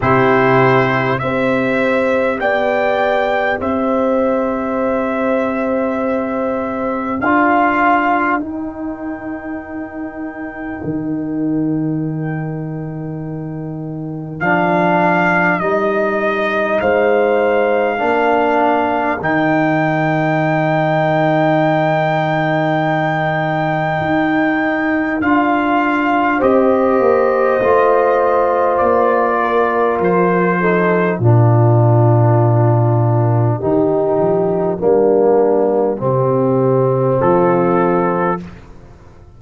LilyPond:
<<
  \new Staff \with { instrumentName = "trumpet" } { \time 4/4 \tempo 4 = 50 c''4 e''4 g''4 e''4~ | e''2 f''4 g''4~ | g''1 | f''4 dis''4 f''2 |
g''1~ | g''4 f''4 dis''2 | d''4 c''4 ais'2~ | ais'2. a'4 | }
  \new Staff \with { instrumentName = "horn" } { \time 4/4 g'4 c''4 d''4 c''4~ | c''2 ais'2~ | ais'1~ | ais'2 c''4 ais'4~ |
ais'1~ | ais'2 c''2~ | c''8 ais'4 a'8 f'2 | g'4 d'4 g'4 f'4 | }
  \new Staff \with { instrumentName = "trombone" } { \time 4/4 e'4 g'2.~ | g'2 f'4 dis'4~ | dis'1 | d'4 dis'2 d'4 |
dis'1~ | dis'4 f'4 g'4 f'4~ | f'4. dis'8 d'2 | dis'4 ais4 c'2 | }
  \new Staff \with { instrumentName = "tuba" } { \time 4/4 c4 c'4 b4 c'4~ | c'2 d'4 dis'4~ | dis'4 dis2. | f4 g4 gis4 ais4 |
dis1 | dis'4 d'4 c'8 ais8 a4 | ais4 f4 ais,2 | dis8 f8 g4 c4 f4 | }
>>